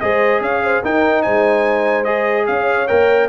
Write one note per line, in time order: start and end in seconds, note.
0.00 0.40 G#3
0.00 0.83 G#4
0.00 0.42 C5
0.00 0.41 D#5
0.40 0.81 C#4
0.40 0.63 C#5
0.40 0.83 F5
0.64 0.82 C5
0.82 2.05 D#4
0.82 1.26 D#4
0.82 1.23 A#4
0.82 1.22 G5
1.22 2.48 G#3
1.22 2.46 C5
1.22 2.04 G#5
2.04 2.87 G#4
2.04 2.45 D#5
2.46 2.89 C#4
2.46 3.29 C#5
2.46 2.87 F5
2.87 3.29 A#3
2.87 3.29 A#4
2.87 3.28 G5